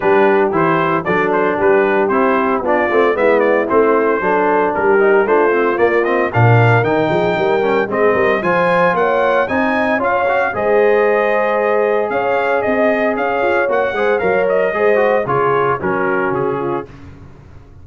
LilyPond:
<<
  \new Staff \with { instrumentName = "trumpet" } { \time 4/4 \tempo 4 = 114 b'4 c''4 d''8 c''8 b'4 | c''4 d''4 e''8 d''8 c''4~ | c''4 ais'4 c''4 d''8 dis''8 | f''4 g''2 dis''4 |
gis''4 fis''4 gis''4 f''4 | dis''2. f''4 | dis''4 f''4 fis''4 f''8 dis''8~ | dis''4 cis''4 ais'4 gis'4 | }
  \new Staff \with { instrumentName = "horn" } { \time 4/4 g'2 a'4 g'4~ | g'4 f'4 e'2 | a'4 g'4 f'2 | ais'4. gis'8 ais'4 gis'8 ais'8 |
c''4 cis''4 dis''4 cis''4 | c''2. cis''4 | dis''4 cis''4. c''8 cis''4 | c''4 gis'4 fis'4. f'8 | }
  \new Staff \with { instrumentName = "trombone" } { \time 4/4 d'4 e'4 d'2 | e'4 d'8 c'8 b4 c'4 | d'4. dis'8 d'8 c'8 ais8 c'8 | d'4 dis'4. cis'8 c'4 |
f'2 dis'4 f'8 fis'8 | gis'1~ | gis'2 fis'8 gis'8 ais'4 | gis'8 fis'8 f'4 cis'2 | }
  \new Staff \with { instrumentName = "tuba" } { \time 4/4 g4 e4 fis4 g4 | c'4 b8 a8 gis4 a4 | fis4 g4 a4 ais4 | ais,4 dis8 f8 g4 gis8 g8 |
f4 ais4 c'4 cis'4 | gis2. cis'4 | c'4 cis'8 f'8 ais8 gis8 fis4 | gis4 cis4 fis4 cis4 | }
>>